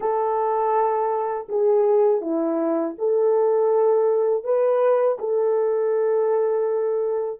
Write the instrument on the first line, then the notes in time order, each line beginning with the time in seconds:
horn
0.00 A4
1.48 G#4
2.21 E4
2.98 A4
4.43 B4
5.18 A4